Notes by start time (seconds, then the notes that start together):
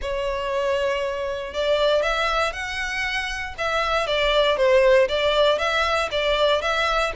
0.01 C#5
1.53 D5
2.02 E5
2.53 F#5
3.58 E5
4.06 D5
4.56 C5
5.08 D5
5.58 E5
6.11 D5
6.61 E5